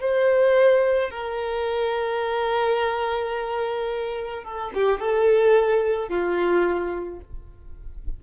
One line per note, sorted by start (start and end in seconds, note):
0.00 1.10 C5
1.10 4.43 A#4
4.43 4.71 A4
4.74 5.00 G4
5.00 6.09 A4
6.09 7.20 F4